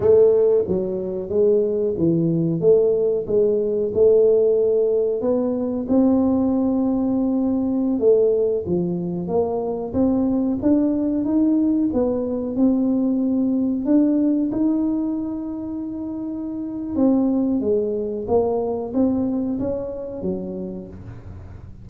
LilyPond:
\new Staff \with { instrumentName = "tuba" } { \time 4/4 \tempo 4 = 92 a4 fis4 gis4 e4 | a4 gis4 a2 | b4 c'2.~ | c'16 a4 f4 ais4 c'8.~ |
c'16 d'4 dis'4 b4 c'8.~ | c'4~ c'16 d'4 dis'4.~ dis'16~ | dis'2 c'4 gis4 | ais4 c'4 cis'4 fis4 | }